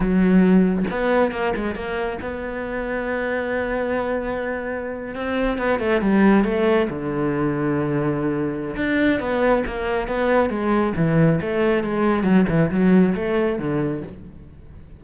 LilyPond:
\new Staff \with { instrumentName = "cello" } { \time 4/4 \tempo 4 = 137 fis2 b4 ais8 gis8 | ais4 b2.~ | b2.~ b8. c'16~ | c'8. b8 a8 g4 a4 d16~ |
d1 | d'4 b4 ais4 b4 | gis4 e4 a4 gis4 | fis8 e8 fis4 a4 d4 | }